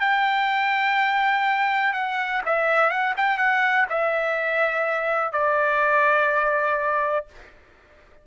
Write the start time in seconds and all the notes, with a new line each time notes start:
0.00 G5
1.93 F#5
2.45 E5
2.90 F#5
3.17 G5
3.37 F#5
3.89 E5
5.32 D5